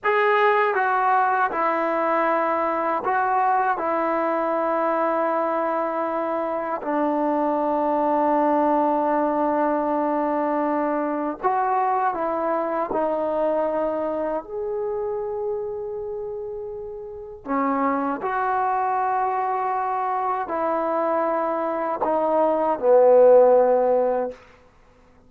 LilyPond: \new Staff \with { instrumentName = "trombone" } { \time 4/4 \tempo 4 = 79 gis'4 fis'4 e'2 | fis'4 e'2.~ | e'4 d'2.~ | d'2. fis'4 |
e'4 dis'2 gis'4~ | gis'2. cis'4 | fis'2. e'4~ | e'4 dis'4 b2 | }